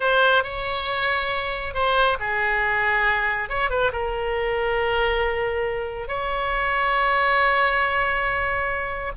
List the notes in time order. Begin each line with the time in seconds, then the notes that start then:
0.00 C5
0.43 C#5
1.74 C5
2.19 G#4
3.49 C#5
3.70 B4
3.92 A#4
6.08 C#5